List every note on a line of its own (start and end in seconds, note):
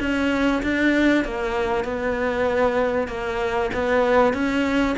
0.00 0.62 C#4
0.62 1.24 D4
1.24 1.84 A#3
1.84 3.08 B3
3.08 3.70 A#3
3.74 4.33 B3
4.33 4.96 C#4